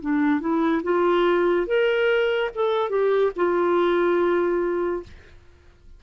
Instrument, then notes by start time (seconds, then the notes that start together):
clarinet
0.00 D4
0.40 E4
0.83 F4
1.66 A#4
2.55 A4
2.89 G4
3.36 F4